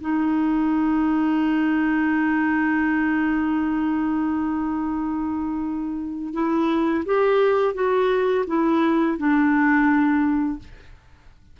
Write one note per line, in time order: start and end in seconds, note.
0.00 6.33 D#4
6.33 7.04 E4
7.05 7.74 G4
7.74 8.44 F#4
8.47 9.17 E4
9.18 10.59 D4